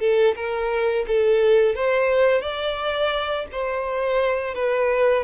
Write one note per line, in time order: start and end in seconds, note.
0.00 0.35 A4
0.36 1.05 A#4
1.08 1.75 A4
1.75 2.41 C5
2.41 3.46 D5
3.52 4.54 C5
4.54 5.24 B4